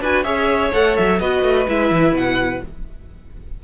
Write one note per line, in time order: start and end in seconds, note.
0.00 0.24 D4
0.00 0.24 F#4
0.00 0.24 B4
0.00 0.23 G#5
0.23 0.72 C#4
0.23 0.71 G#4
0.23 1.20 C#5
0.23 0.71 E5
0.72 0.98 A3
0.72 1.20 A4
0.72 0.96 F#5
0.96 1.19 F#3
0.96 1.20 E5
1.19 1.43 B3
1.19 1.67 F#4
1.19 2.63 B4
1.19 1.67 D#5
1.43 1.66 A3
1.68 1.91 G#3
1.68 2.63 E4
1.68 2.16 E5
1.91 2.12 E3
2.12 2.59 B2
2.12 2.64 F#5